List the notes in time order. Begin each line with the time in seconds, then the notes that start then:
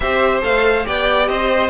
0.00 C4 G4 C5 E5
0.41 A3 A4 F5
0.84 B3 G4 D5 G5
1.27 C4 C5 D#5